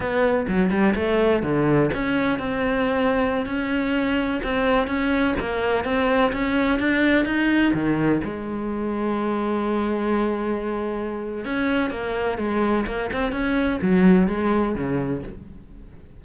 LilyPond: \new Staff \with { instrumentName = "cello" } { \time 4/4 \tempo 4 = 126 b4 fis8 g8 a4 d4 | cis'4 c'2~ c'16 cis'8.~ | cis'4~ cis'16 c'4 cis'4 ais8.~ | ais16 c'4 cis'4 d'4 dis'8.~ |
dis'16 dis4 gis2~ gis8.~ | gis1 | cis'4 ais4 gis4 ais8 c'8 | cis'4 fis4 gis4 cis4 | }